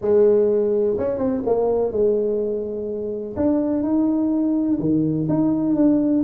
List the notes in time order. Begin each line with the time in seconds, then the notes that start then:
0.01 G#3
0.98 C#4
1.17 C4
1.46 A#3
1.91 G#3
3.36 D4
3.82 D#4
4.79 D#3
5.28 D#4
5.75 D4